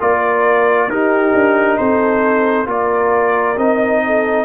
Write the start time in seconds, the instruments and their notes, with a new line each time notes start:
0.00 tuba A#3, trombone F4, horn A#4, trumpet D5
0.88 tuba D#4, trombone D#4, horn G4, trumpet A#4
1.34 tuba D4
1.77 tuba C4, horn A4, trumpet C5
2.65 tuba A#3, trombone F4, horn A#4, trumpet D5
3.57 tuba C4, trombone D#4, trumpet D#5
4.06 horn A4